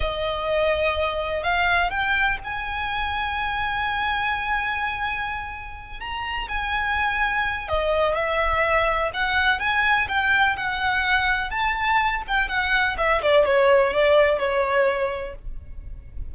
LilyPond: \new Staff \with { instrumentName = "violin" } { \time 4/4 \tempo 4 = 125 dis''2. f''4 | g''4 gis''2.~ | gis''1~ | gis''8 ais''4 gis''2~ gis''8 |
dis''4 e''2 fis''4 | gis''4 g''4 fis''2 | a''4. g''8 fis''4 e''8 d''8 | cis''4 d''4 cis''2 | }